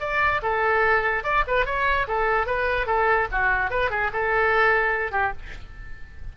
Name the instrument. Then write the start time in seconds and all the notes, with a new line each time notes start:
oboe
0.00 D5
0.43 A4
1.24 D5
1.47 B4
1.66 C#5
2.08 A4
2.47 B4
2.87 A4
3.32 F#4
3.70 B4
3.90 G#4
4.13 A4
5.12 G4